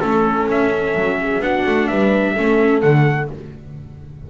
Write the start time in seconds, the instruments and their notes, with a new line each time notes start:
0.00 double bass A3, viola C#4, trumpet A4, horn A4
0.48 double bass C#4, trumpet E5
0.94 double bass F#3
1.21 horn G#4
1.39 double bass B3, viola D4, horn F#4, trumpet F#5
1.66 double bass A3
1.87 double bass G3, horn B4, trumpet E5
2.32 double bass A3, viola C#4, horn A4
2.81 double bass D3, viola A3, trumpet F#5